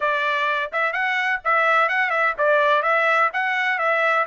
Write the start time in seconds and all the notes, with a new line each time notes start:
0.00 D5
0.72 E5
0.93 F#5
1.44 E5
1.89 F#5
2.10 E5
2.38 D5
2.82 E5
3.33 F#5
3.78 E5